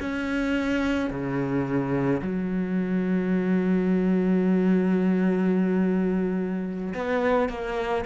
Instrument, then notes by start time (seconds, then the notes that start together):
cello
0.00 C#4
1.10 C#3
2.21 F#3
6.94 B3
7.49 A#3